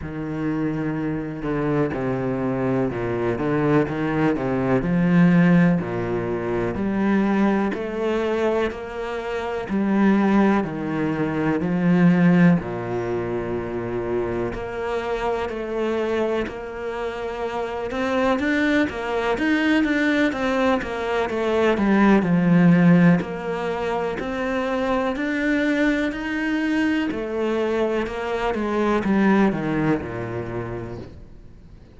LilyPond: \new Staff \with { instrumentName = "cello" } { \time 4/4 \tempo 4 = 62 dis4. d8 c4 ais,8 d8 | dis8 c8 f4 ais,4 g4 | a4 ais4 g4 dis4 | f4 ais,2 ais4 |
a4 ais4. c'8 d'8 ais8 | dis'8 d'8 c'8 ais8 a8 g8 f4 | ais4 c'4 d'4 dis'4 | a4 ais8 gis8 g8 dis8 ais,4 | }